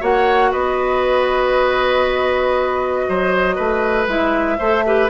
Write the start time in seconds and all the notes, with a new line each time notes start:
0.00 A#3 F#4 C#5 F#5
0.51 B3 B4 D#5
3.08 F#3 C5
3.55 A3 B4
4.07 G#3 E4 E5
4.59 A3 A4 C5
4.86 G4 B4